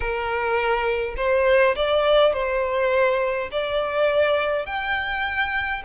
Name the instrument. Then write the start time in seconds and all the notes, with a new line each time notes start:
violin
0.00 A#4
1.17 C5
1.75 D5
2.33 C5
3.51 D5
4.66 G5